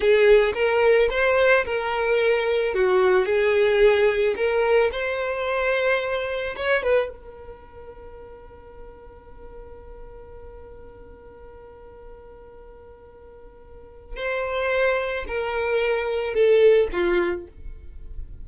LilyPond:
\new Staff \with { instrumentName = "violin" } { \time 4/4 \tempo 4 = 110 gis'4 ais'4 c''4 ais'4~ | ais'4 fis'4 gis'2 | ais'4 c''2. | cis''8 b'8 ais'2.~ |
ais'1~ | ais'1~ | ais'2 c''2 | ais'2 a'4 f'4 | }